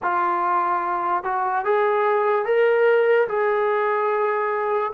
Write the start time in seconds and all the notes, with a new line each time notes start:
0.02 F4
1.23 F#4
1.64 G#4
2.45 A#4
3.28 G#4